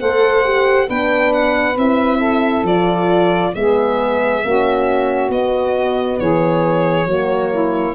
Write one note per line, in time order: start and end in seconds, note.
0.00 0.89 A3
0.00 0.44 A4
0.00 0.87 C5
0.00 0.88 F#5
0.44 0.88 G4
0.87 1.76 B3
0.87 1.76 D4
0.87 2.17 B4
0.87 1.33 G5
1.33 1.77 F#5
1.76 2.62 C4
1.76 2.66 E4
1.76 2.66 E5
2.17 3.50 A4
2.62 3.51 F3
2.62 3.55 F4
2.62 3.54 D5
3.54 4.43 G#3
3.54 4.43 B3
3.54 4.44 G#4
3.54 5.30 E5
4.43 5.28 A#3
4.43 5.31 C#4
4.43 6.19 F#4
5.28 6.17 B3
5.28 7.08 B3
5.28 6.19 D#5
6.19 7.05 E3
6.19 7.07 G#4
6.19 7.94 C#5
7.05 7.93 F#3
7.05 7.94 A#3
7.05 7.51 F#4
7.51 7.94 E4